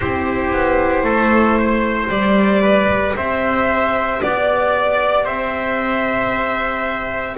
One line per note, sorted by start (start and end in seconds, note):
0.00 0.52 C4
0.00 2.09 E4
0.00 1.04 G4
0.00 2.09 C5
0.52 1.03 B3
1.03 2.08 A3
1.03 1.57 A4
1.59 2.62 C5
2.09 3.14 G3
2.09 7.35 G4
2.09 3.15 D5
2.62 3.14 B4
3.16 4.21 C4
3.16 4.21 C5
3.16 4.21 E5
4.22 5.25 B3
4.22 5.26 D5
4.22 5.25 D5
5.25 7.36 C4
5.25 7.36 C5
5.25 7.36 E5